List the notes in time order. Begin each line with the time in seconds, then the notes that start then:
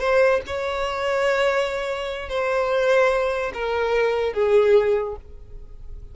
0.00 C5
0.47 C#5
2.29 C5
3.54 A#4
4.34 G#4